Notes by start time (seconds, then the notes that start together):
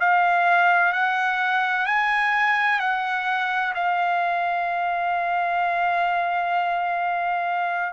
0.00 F5
0.93 F#5
1.86 G#5
2.80 F#5
3.75 F5